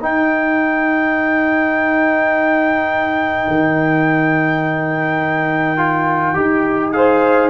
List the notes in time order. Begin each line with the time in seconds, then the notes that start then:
0.00 D#4 A#4 G5
3.48 D#3
5.78 F4
6.35 D#4 G4
6.93 G#4 C5 F5